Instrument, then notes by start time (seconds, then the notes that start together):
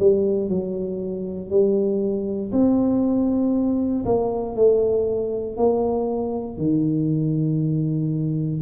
tuba
0.00 G3
0.49 F#3
1.51 G3
2.52 C4
4.06 A#3
4.56 A3
5.57 A#3
6.58 D#3